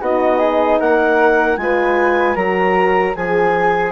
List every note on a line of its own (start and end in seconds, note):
0.00 0.79 B3
0.00 1.58 D#4
0.00 0.39 F#4
0.00 0.81 D#5
0.39 0.78 G#4
0.80 1.57 A#3
0.80 1.59 A#4
0.80 1.57 F#5
1.57 2.36 G#3
1.57 2.36 F4
1.57 2.36 B4
1.57 2.36 G#5
2.36 3.15 F#3
2.36 3.15 F#4
2.36 3.15 A#4
2.36 3.15 A#5
3.16 3.92 F3
3.16 3.92 G#4
3.16 3.92 G#5